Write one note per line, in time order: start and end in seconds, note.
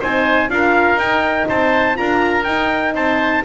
0.00 0.50 C4
0.00 0.49 D#4
0.00 0.49 C5
0.00 0.50 G#5
0.49 0.96 D4
0.49 0.98 F4
0.49 1.49 A#4
0.49 0.99 F5
0.96 1.45 D#4
0.96 1.95 D#4
0.96 1.48 G5
1.49 1.99 C4
1.49 1.98 C5
1.49 1.97 A5
1.95 2.46 D4
1.95 2.44 F4
1.95 2.95 A#4
1.95 2.44 A#5
2.44 2.94 D#4
2.44 3.45 D#4
2.44 2.93 G5
2.94 3.43 C4
2.94 3.44 C5
2.94 3.45 A5